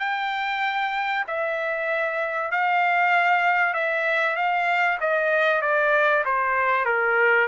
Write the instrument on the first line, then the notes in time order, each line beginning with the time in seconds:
trumpet
0.00 G5
1.28 E5
2.51 F5
3.74 E5
4.36 F5
5.01 D#5
5.62 D5
6.26 C5
6.86 A#4